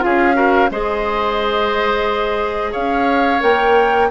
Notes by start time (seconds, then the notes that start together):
0.00 C#4 F4 G#4 F5
0.34 F#4 A#4
0.71 G#3 G#4 C5 D#5
2.72 C#4 C#5 F5
3.40 A#3 A#4 G5